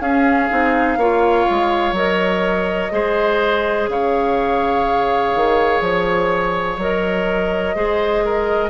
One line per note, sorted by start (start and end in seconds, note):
0.00 0.48 C#4
0.00 0.50 C#4
0.00 0.98 G#4
0.00 1.94 F5
0.50 0.97 C4
0.50 0.98 D#4
0.97 1.45 A#3
0.97 1.95 F4
0.97 2.92 C#5
1.50 1.92 G#3
1.92 2.89 F#3
1.92 2.91 A#4
1.92 3.89 D#5
2.91 3.88 G#3
2.91 6.78 G#4
2.91 3.90 C5
3.88 5.33 C#3
3.88 7.75 C#5
3.88 5.83 F5
5.35 5.81 D#3
5.81 6.77 F3
5.81 6.79 C#5
6.77 7.74 F#3
6.77 7.75 A#4
6.77 8.70 D#5
7.75 8.70 G#3
7.75 8.70 G#4
7.75 8.24 C5
8.25 8.70 A#4